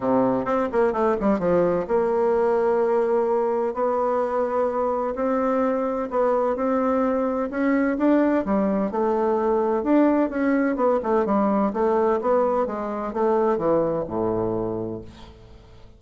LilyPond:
\new Staff \with { instrumentName = "bassoon" } { \time 4/4 \tempo 4 = 128 c4 c'8 ais8 a8 g8 f4 | ais1 | b2. c'4~ | c'4 b4 c'2 |
cis'4 d'4 g4 a4~ | a4 d'4 cis'4 b8 a8 | g4 a4 b4 gis4 | a4 e4 a,2 | }